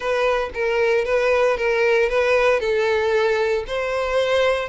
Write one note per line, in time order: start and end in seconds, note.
0.00 0.50 B4
0.54 1.05 A#4
1.05 1.57 B4
1.57 2.09 A#4
2.09 2.59 B4
2.59 3.64 A4
3.67 4.68 C5